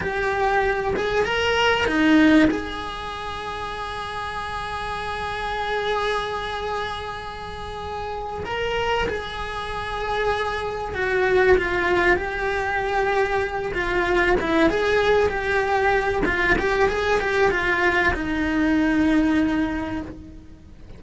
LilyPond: \new Staff \with { instrumentName = "cello" } { \time 4/4 \tempo 4 = 96 g'4. gis'8 ais'4 dis'4 | gis'1~ | gis'1~ | gis'4. ais'4 gis'4.~ |
gis'4. fis'4 f'4 g'8~ | g'2 f'4 e'8 gis'8~ | gis'8 g'4. f'8 g'8 gis'8 g'8 | f'4 dis'2. | }